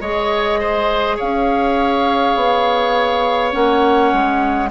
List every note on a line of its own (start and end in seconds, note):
0.00 1.18 G#3
0.00 3.52 G#4
0.00 0.60 C#5
0.00 1.18 D#5
0.60 1.16 C5
1.16 2.36 C#4
1.16 4.69 C#5
1.16 3.52 F5
2.36 3.53 B3
3.52 4.13 A#3
3.52 4.70 C#4
3.52 4.70 F#5
4.13 4.71 G#3